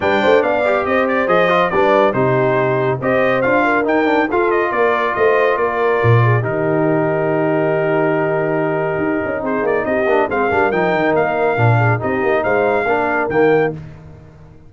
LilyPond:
<<
  \new Staff \with { instrumentName = "trumpet" } { \time 4/4 \tempo 4 = 140 g''4 f''4 dis''8 d''8 dis''4 | d''4 c''2 dis''4 | f''4 g''4 f''8 dis''8 d''4 | dis''4 d''2 ais'4~ |
ais'1~ | ais'2 c''8 d''8 dis''4 | f''4 g''4 f''2 | dis''4 f''2 g''4 | }
  \new Staff \with { instrumentName = "horn" } { \time 4/4 b'8 c''8 d''4 c''2 | b'4 g'2 c''4~ | c''8 ais'4. a'4 ais'4 | c''4 ais'4. gis'8 g'4~ |
g'1~ | g'2 gis'4 g'4 | c''8 ais'2. gis'8 | g'4 c''4 ais'2 | }
  \new Staff \with { instrumentName = "trombone" } { \time 4/4 d'4. g'4. gis'8 f'8 | d'4 dis'2 g'4 | f'4 dis'8 d'8 f'2~ | f'2. dis'4~ |
dis'1~ | dis'2.~ dis'8 d'8 | c'8 d'8 dis'2 d'4 | dis'2 d'4 ais4 | }
  \new Staff \with { instrumentName = "tuba" } { \time 4/4 g8 a8 b4 c'4 f4 | g4 c2 c'4 | d'4 dis'4 f'4 ais4 | a4 ais4 ais,4 dis4~ |
dis1~ | dis4 dis'8 cis'8 c'8 ais8 c'8 ais8 | gis8 g8 f8 dis8 ais4 ais,4 | c'8 ais8 gis4 ais4 dis4 | }
>>